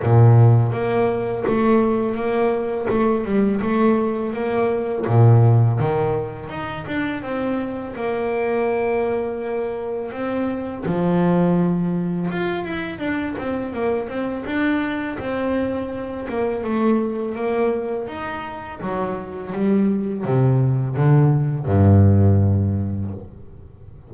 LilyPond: \new Staff \with { instrumentName = "double bass" } { \time 4/4 \tempo 4 = 83 ais,4 ais4 a4 ais4 | a8 g8 a4 ais4 ais,4 | dis4 dis'8 d'8 c'4 ais4~ | ais2 c'4 f4~ |
f4 f'8 e'8 d'8 c'8 ais8 c'8 | d'4 c'4. ais8 a4 | ais4 dis'4 fis4 g4 | c4 d4 g,2 | }